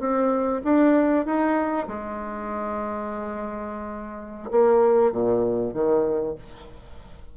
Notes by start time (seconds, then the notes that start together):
0.00 C4
0.64 D4
1.26 D#4
1.88 G#3
4.51 A#3
5.12 A#2
5.74 D#3